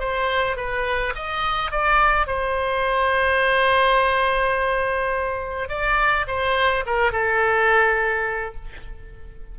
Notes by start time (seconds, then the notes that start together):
0.00 C5
0.57 B4
1.16 D#5
1.71 D5
2.27 C5
5.69 D5
6.28 C5
6.86 A#4
7.12 A4